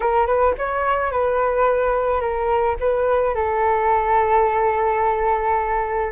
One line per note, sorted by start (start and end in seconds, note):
0.00 0.26 A#4
0.26 0.54 B4
0.58 1.11 C#5
1.11 2.20 B4
2.20 2.76 A#4
2.80 3.34 B4
3.34 6.12 A4